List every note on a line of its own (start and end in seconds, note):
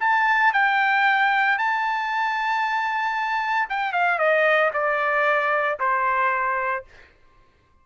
0.00 0.53 A5
0.53 1.58 G5
1.58 3.68 A5
3.69 3.92 G5
3.92 4.18 F5
4.18 4.71 D#5
4.73 5.78 D5
5.79 6.84 C5